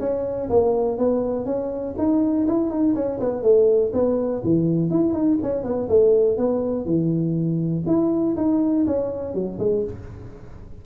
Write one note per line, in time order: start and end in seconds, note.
0.00 0.49 C#4
0.50 0.98 A#3
0.98 1.46 B3
1.46 1.95 C#4
1.98 2.47 D#4
2.47 2.70 E4
2.70 2.95 D#4
2.95 3.20 C#4
3.20 3.43 B3
3.43 3.92 A3
3.93 4.42 B3
4.44 4.90 E3
4.90 5.13 E4
5.13 5.38 D#4
5.43 5.64 C#4
5.64 5.88 B3
5.89 6.38 A3
6.38 6.86 B3
6.86 7.84 E3
7.87 8.36 E4
8.37 8.86 D#4
8.87 9.34 C#4
9.34 9.59 F#3
9.59 9.84 G#3